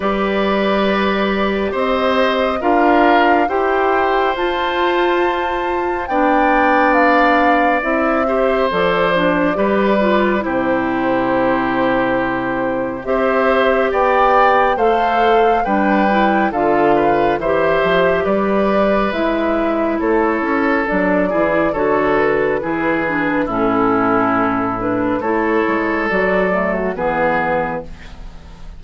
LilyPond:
<<
  \new Staff \with { instrumentName = "flute" } { \time 4/4 \tempo 4 = 69 d''2 dis''4 f''4 | g''4 a''2 g''4 | f''4 e''4 d''2 | c''2. e''4 |
g''4 f''4 g''4 f''4 | e''4 d''4 e''4 cis''4 | d''4 cis''8 b'4. a'4~ | a'8 b'8 cis''4 d''8. fis'16 b'4 | }
  \new Staff \with { instrumentName = "oboe" } { \time 4/4 b'2 c''4 ais'4 | c''2. d''4~ | d''4. c''4. b'4 | g'2. c''4 |
d''4 c''4 b'4 a'8 b'8 | c''4 b'2 a'4~ | a'8 gis'8 a'4 gis'4 e'4~ | e'4 a'2 gis'4 | }
  \new Staff \with { instrumentName = "clarinet" } { \time 4/4 g'2. f'4 | g'4 f'2 d'4~ | d'4 e'8 g'8 a'8 d'8 g'8 f'8 | e'2. g'4~ |
g'4 a'4 d'8 e'8 f'4 | g'2 e'2 | d'8 e'8 fis'4 e'8 d'8 cis'4~ | cis'8 d'8 e'4 fis'8 a8 b4 | }
  \new Staff \with { instrumentName = "bassoon" } { \time 4/4 g2 c'4 d'4 | e'4 f'2 b4~ | b4 c'4 f4 g4 | c2. c'4 |
b4 a4 g4 d4 | e8 f8 g4 gis4 a8 cis'8 | fis8 e8 d4 e4 a,4~ | a,4 a8 gis8 fis4 e4 | }
>>